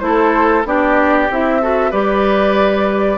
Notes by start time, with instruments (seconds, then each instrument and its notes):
0.00 bassoon A3, clarinet E4, oboe A4, flute C5
0.65 bassoon B3, clarinet D4, oboe G4, flute D5
1.30 bassoon C4, clarinet E4, flute E5
1.62 clarinet F#4, oboe A4
1.91 bassoon G3, clarinet G4, oboe B4, flute D5